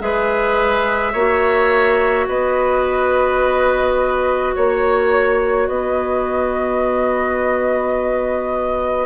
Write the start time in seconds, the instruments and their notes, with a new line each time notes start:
0.00 bassoon G#3, clarinet G#4, oboe B4, flute E5
1.13 bassoon A#3, clarinet F#4, oboe C#5
2.29 bassoon B3, oboe B4, flute D#5
4.55 bassoon A#3, oboe C#5, flute C#5
5.68 bassoon B3, oboe B4, flute D#5